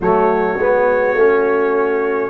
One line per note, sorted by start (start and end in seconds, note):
0.00 0.57 F#3
0.00 0.59 A3
0.00 2.30 F#4
0.00 2.30 C#5
0.57 1.14 G#3
0.57 1.17 B3
1.14 2.30 A3
1.14 2.30 C#4